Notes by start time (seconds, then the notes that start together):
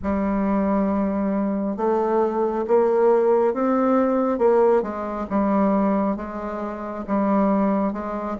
0.02 G3
1.76 A3
2.67 A#3
3.53 C4
4.38 A#3
4.82 G#3
5.29 G3
6.16 G#3
7.07 G3
7.92 G#3